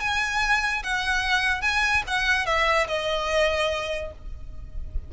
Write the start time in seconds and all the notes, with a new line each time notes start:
0.00 G#5
0.83 F#5
1.61 G#5
2.07 F#5
2.46 E5
2.88 D#5